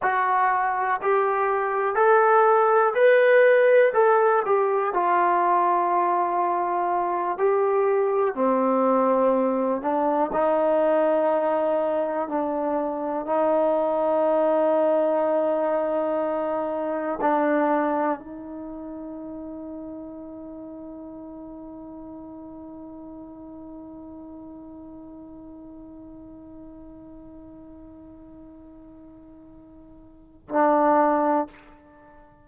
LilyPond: \new Staff \with { instrumentName = "trombone" } { \time 4/4 \tempo 4 = 61 fis'4 g'4 a'4 b'4 | a'8 g'8 f'2~ f'8 g'8~ | g'8 c'4. d'8 dis'4.~ | dis'8 d'4 dis'2~ dis'8~ |
dis'4. d'4 dis'4.~ | dis'1~ | dis'1~ | dis'2. d'4 | }